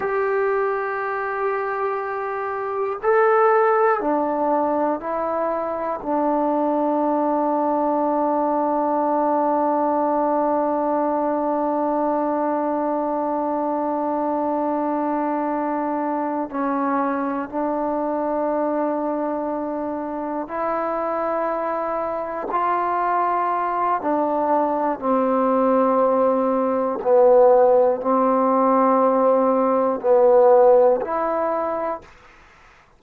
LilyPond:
\new Staff \with { instrumentName = "trombone" } { \time 4/4 \tempo 4 = 60 g'2. a'4 | d'4 e'4 d'2~ | d'1~ | d'1~ |
d'8 cis'4 d'2~ d'8~ | d'8 e'2 f'4. | d'4 c'2 b4 | c'2 b4 e'4 | }